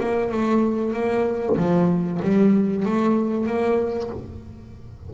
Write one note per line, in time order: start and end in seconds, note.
0.00 0.31 A#3
0.31 0.93 A3
0.93 1.56 A#3
1.57 2.20 F3
2.22 2.85 G3
2.86 3.47 A3
3.47 4.10 A#3